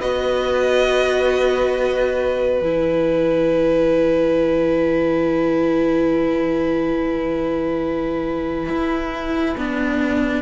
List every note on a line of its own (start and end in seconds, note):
0.00 2.61 B3
0.00 2.62 F#4
0.00 10.42 B4
0.00 2.61 D#5
2.61 8.69 E3
2.61 9.57 E4
2.61 10.42 G#5
8.69 9.56 E4
9.57 10.42 B3
9.57 10.42 D4